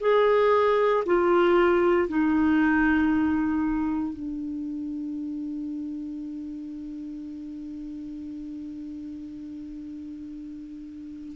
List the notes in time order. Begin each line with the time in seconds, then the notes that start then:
0.00 G#4
1.05 F4
2.08 D#4
4.13 D4